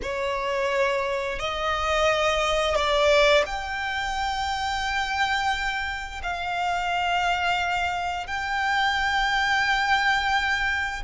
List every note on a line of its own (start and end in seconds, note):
0.02 1.39 C#5
1.39 2.75 D#5
2.75 3.44 D5
3.45 6.21 G5
6.23 8.27 F5
8.27 11.03 G5